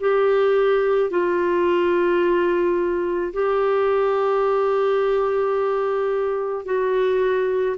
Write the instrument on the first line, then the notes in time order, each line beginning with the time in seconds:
clarinet
0.00 G4
1.11 F4
3.33 G4
6.65 F#4